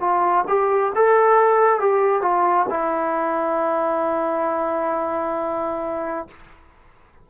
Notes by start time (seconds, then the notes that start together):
0.00 F4
0.48 G4
0.95 A4
1.80 G4
2.22 F4
2.69 E4